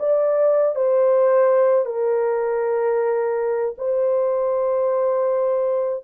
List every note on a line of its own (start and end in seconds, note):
0.00 0.76 D5
0.76 1.86 C5
1.86 3.76 A#4
3.78 6.05 C5